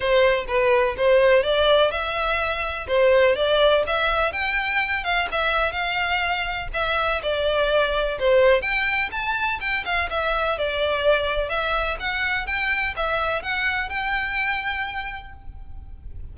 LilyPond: \new Staff \with { instrumentName = "violin" } { \time 4/4 \tempo 4 = 125 c''4 b'4 c''4 d''4 | e''2 c''4 d''4 | e''4 g''4. f''8 e''4 | f''2 e''4 d''4~ |
d''4 c''4 g''4 a''4 | g''8 f''8 e''4 d''2 | e''4 fis''4 g''4 e''4 | fis''4 g''2. | }